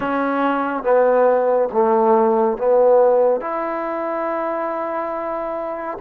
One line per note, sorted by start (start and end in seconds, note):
0.00 0.83 C#4
0.83 1.69 B3
1.72 2.57 A3
2.57 3.41 B3
3.41 5.98 E4